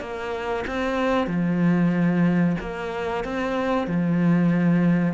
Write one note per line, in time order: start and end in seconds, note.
0.00 0.65 A#3
0.67 1.27 C4
1.27 2.56 F3
2.60 3.24 A#3
3.24 3.87 C4
3.87 5.14 F3